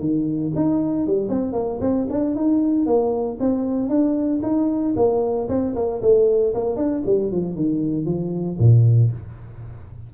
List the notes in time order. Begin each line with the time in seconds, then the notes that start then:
0.00 D#3
0.55 D#4
1.07 G3
1.29 C4
1.53 A#3
1.81 C4
2.10 D4
2.35 D#4
2.86 A#3
3.40 C4
3.89 D4
4.43 D#4
4.96 A#3
5.49 C4
5.76 A#3
6.02 A3
6.54 A#3
6.76 D4
7.06 G3
7.31 F3
7.55 D#3
8.06 F3
8.59 A#2